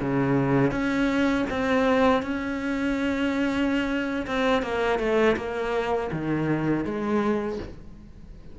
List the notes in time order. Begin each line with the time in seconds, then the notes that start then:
0.00 C#3
0.71 C#4
1.50 C4
2.23 C#4
4.27 C4
4.63 A#3
4.99 A3
5.36 A#3
6.12 D#3
6.85 G#3